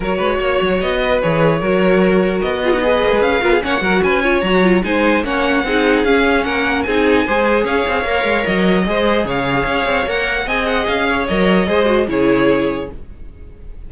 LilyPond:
<<
  \new Staff \with { instrumentName = "violin" } { \time 4/4 \tempo 4 = 149 cis''2 dis''4 cis''4~ | cis''2 dis''2 | f''4 fis''4 gis''4 ais''4 | gis''4 fis''2 f''4 |
fis''4 gis''2 f''4~ | f''4 dis''2 f''4~ | f''4 fis''4 gis''8 fis''8 f''4 | dis''2 cis''2 | }
  \new Staff \with { instrumentName = "violin" } { \time 4/4 ais'8 b'8 cis''4. b'4. | ais'2~ ais'8 gis'16 fis'16 b'4~ | b'8 ais'16 gis'16 cis''8 ais'8 b'8 cis''4. | c''4 cis''4 gis'2 |
ais'4 gis'4 c''4 cis''4~ | cis''2 c''4 cis''4~ | cis''2 dis''4. cis''8~ | cis''4 c''4 gis'2 | }
  \new Staff \with { instrumentName = "viola" } { \time 4/4 fis'2. gis'4 | fis'2~ fis'8 f'16 dis'16 gis'4~ | gis'8 f'8 cis'8 fis'4 f'8 fis'8 f'8 | dis'4 cis'4 dis'4 cis'4~ |
cis'4 dis'4 gis'2 | ais'2 gis'2~ | gis'4 ais'4 gis'2 | ais'4 gis'8 fis'8 e'2 | }
  \new Staff \with { instrumentName = "cello" } { \time 4/4 fis8 gis8 ais8 fis8 b4 e4 | fis2 b4. ais16 gis16 | cis'8 b8 ais8 fis8 cis'4 fis4 | gis4 ais4 c'4 cis'4 |
ais4 c'4 gis4 cis'8 c'8 | ais8 gis8 fis4 gis4 cis4 | cis'8 c'8 ais4 c'4 cis'4 | fis4 gis4 cis2 | }
>>